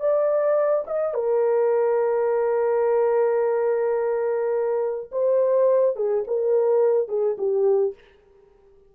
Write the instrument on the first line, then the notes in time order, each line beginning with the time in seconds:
horn
0.00 D5
0.87 D#5
1.14 A#4
5.11 C5
5.96 G#4
6.27 A#4
7.09 G#4
7.38 G4